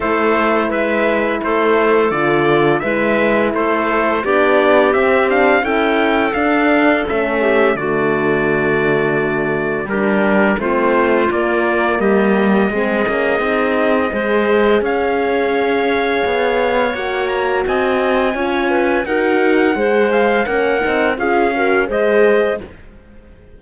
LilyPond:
<<
  \new Staff \with { instrumentName = "trumpet" } { \time 4/4 \tempo 4 = 85 c''4 e''4 c''4 d''4 | e''4 c''4 d''4 e''8 f''8 | g''4 f''4 e''4 d''4~ | d''2 ais'4 c''4 |
d''4 dis''2.~ | dis''4 f''2. | fis''8 ais''8 gis''2 fis''4~ | fis''8 f''8 fis''4 f''4 dis''4 | }
  \new Staff \with { instrumentName = "clarinet" } { \time 4/4 a'4 b'4 a'2 | b'4 a'4 g'2 | a'2~ a'8 g'8 fis'4~ | fis'2 g'4 f'4~ |
f'4 g'4 gis'2 | c''4 cis''2.~ | cis''4 dis''4 cis''8 b'8 ais'4 | c''4 ais'4 gis'8 ais'8 c''4 | }
  \new Staff \with { instrumentName = "horn" } { \time 4/4 e'2. f'4 | e'2 d'4 c'8 d'8 | e'4 d'4 cis'4 a4~ | a2 d'4 c'4 |
ais2 c'8 cis'8 dis'4 | gis'1 | fis'2 f'4 fis'4 | gis'4 cis'8 dis'8 f'8 fis'8 gis'4 | }
  \new Staff \with { instrumentName = "cello" } { \time 4/4 a4 gis4 a4 d4 | gis4 a4 b4 c'4 | cis'4 d'4 a4 d4~ | d2 g4 a4 |
ais4 g4 gis8 ais8 c'4 | gis4 cis'2 b4 | ais4 c'4 cis'4 dis'4 | gis4 ais8 c'8 cis'4 gis4 | }
>>